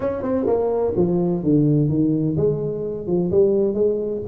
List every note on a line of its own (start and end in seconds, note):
0.00 0.22 C#4
0.22 0.46 C4
0.46 0.93 A#3
0.96 1.43 F3
1.43 1.89 D3
1.89 2.36 D#3
2.36 3.07 G#3
3.07 3.30 F3
3.31 3.73 G3
3.73 4.21 G#3